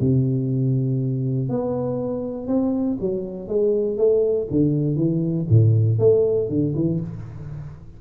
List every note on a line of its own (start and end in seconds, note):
0.00 1.49 C3
1.49 2.47 B3
2.47 2.97 C4
3.00 3.48 F#3
3.48 3.97 G#3
3.97 4.47 A3
4.50 4.96 D3
4.96 5.46 E3
5.49 5.98 A2
5.98 6.48 A3
6.48 6.73 D3
6.75 7.00 E3